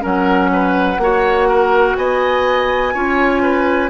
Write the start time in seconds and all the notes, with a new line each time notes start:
0.00 F#3 C#4 A#4 F#5
0.52 B4
0.98 A#3 F#4 C#5
1.48 A#4
1.96 B3 D#5 G#5
2.94 C#4 F4 C#5
3.42 B4